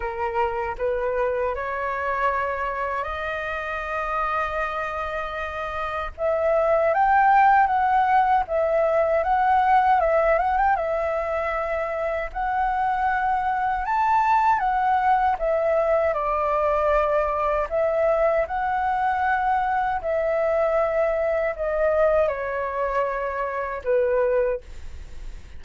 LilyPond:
\new Staff \with { instrumentName = "flute" } { \time 4/4 \tempo 4 = 78 ais'4 b'4 cis''2 | dis''1 | e''4 g''4 fis''4 e''4 | fis''4 e''8 fis''16 g''16 e''2 |
fis''2 a''4 fis''4 | e''4 d''2 e''4 | fis''2 e''2 | dis''4 cis''2 b'4 | }